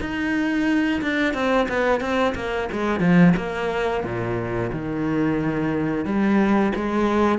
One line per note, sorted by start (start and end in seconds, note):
0.00 1.01 D#4
1.02 1.34 D4
1.34 1.67 C4
1.69 2.00 B3
2.00 2.34 C4
2.35 2.68 A#3
2.72 2.99 G#3
2.99 3.33 F3
3.36 4.04 A#3
4.04 4.71 A#2
4.72 6.05 D#3
6.05 6.72 G3
6.75 7.39 G#3